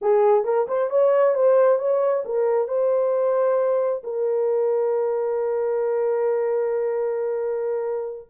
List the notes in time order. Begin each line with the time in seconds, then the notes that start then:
0.01 G#4
0.44 A#4
0.68 C5
0.90 C#5
1.34 C5
1.78 C#5
2.25 A#4
2.67 C5
4.03 A#4